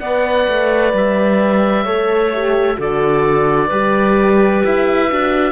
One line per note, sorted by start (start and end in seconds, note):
0.00 0.47 B3
0.00 1.86 B4
0.00 1.84 D5
0.00 0.92 F#5
0.48 0.93 A3
0.93 1.85 G3
0.93 2.81 E5
1.84 2.78 A3
1.84 2.32 A4
1.84 2.77 C#5
2.33 2.76 G4
2.76 3.71 D3
2.76 3.68 F#4
2.76 3.68 A4
2.76 4.64 D5
3.68 4.63 G3
3.68 5.09 G4
3.68 5.52 B4
4.64 5.12 E4
4.64 5.52 E5
5.09 5.52 D4
5.09 5.52 F#4